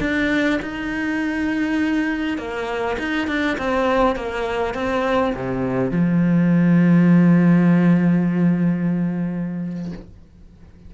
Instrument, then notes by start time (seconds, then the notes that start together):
cello
0.00 D4
0.62 D#4
2.38 A#3
2.98 D#4
3.27 D4
3.58 C4
4.16 A#3
4.74 C4
5.35 C3
5.91 F3